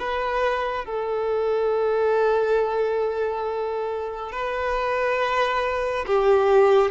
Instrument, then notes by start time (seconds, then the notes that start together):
violin
0.00 B4
0.85 A4
4.32 B4
6.07 G4